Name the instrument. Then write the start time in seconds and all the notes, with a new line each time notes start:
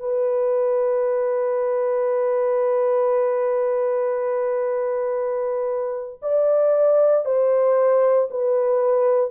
horn
0.00 B4
6.22 D5
7.26 C5
8.31 B4